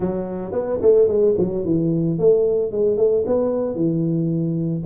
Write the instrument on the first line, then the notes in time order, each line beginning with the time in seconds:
tuba
0.00 F#3
0.52 B3
0.81 A3
1.07 G#3
1.38 F#3
1.65 E3
2.19 A3
2.71 G#3
2.97 A3
3.26 B3
3.75 E3